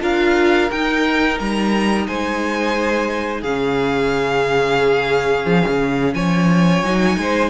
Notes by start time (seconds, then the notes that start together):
0.00 D4 F4 A#4 F5
0.70 D#4 G5
1.39 G3 A#5
2.07 G#3 C5 G#5
3.41 C#3 C#4 G#4 F5
5.45 F3
5.68 C#3
6.14 F3 C#5 G#5
6.82 F#3 D#4
7.17 G#3 C5